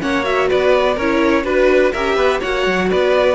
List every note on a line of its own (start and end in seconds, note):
0.00 0.49 A#3
0.00 0.23 C#4
0.00 0.48 C#5
0.00 0.24 F#5
0.23 0.95 F#4
0.23 0.48 E5
0.48 0.97 B3
0.48 0.94 B4
0.48 0.98 D5
0.94 1.44 C#4
0.94 1.42 A#4
0.94 1.45 C#5
1.01 1.44 E4
1.44 1.92 D4
1.44 1.92 F#4
1.44 1.92 B4
1.92 2.17 C#4
1.92 2.42 G4
1.92 2.15 A#4
1.92 2.40 E5
2.15 2.41 B3
2.15 2.39 B4
2.40 2.66 A#3
2.40 3.35 F#4
2.40 2.88 C#5
2.40 2.90 F#5
2.66 2.90 F#3
2.90 3.35 B3
2.90 3.35 B4
2.90 3.35 D5